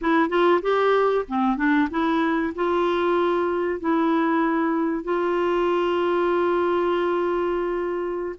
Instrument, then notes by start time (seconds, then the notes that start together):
clarinet
0.01 E4
0.29 F4
0.61 G4
1.27 C4
1.56 D4
1.90 E4
2.55 F4
3.80 E4
5.04 F4